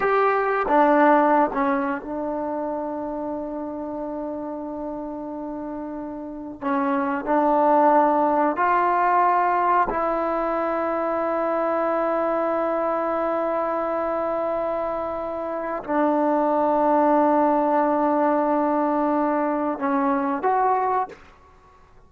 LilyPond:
\new Staff \with { instrumentName = "trombone" } { \time 4/4 \tempo 4 = 91 g'4 d'4~ d'16 cis'8. d'4~ | d'1~ | d'2 cis'4 d'4~ | d'4 f'2 e'4~ |
e'1~ | e'1 | d'1~ | d'2 cis'4 fis'4 | }